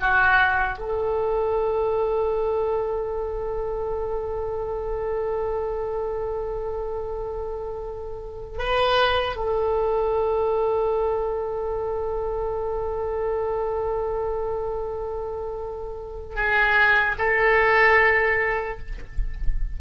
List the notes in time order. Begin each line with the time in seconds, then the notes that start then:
0.00 F#4
0.78 A4
8.58 B4
9.36 A4
16.35 G#4
17.18 A4